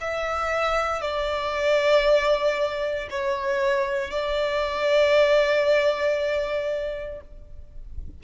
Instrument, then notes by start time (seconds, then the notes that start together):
violin
0.00 E5
1.01 D5
3.10 C#5
4.11 D5